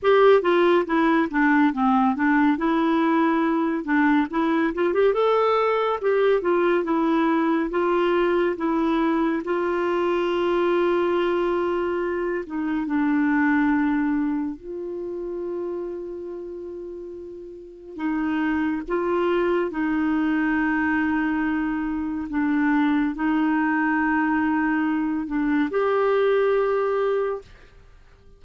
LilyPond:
\new Staff \with { instrumentName = "clarinet" } { \time 4/4 \tempo 4 = 70 g'8 f'8 e'8 d'8 c'8 d'8 e'4~ | e'8 d'8 e'8 f'16 g'16 a'4 g'8 f'8 | e'4 f'4 e'4 f'4~ | f'2~ f'8 dis'8 d'4~ |
d'4 f'2.~ | f'4 dis'4 f'4 dis'4~ | dis'2 d'4 dis'4~ | dis'4. d'8 g'2 | }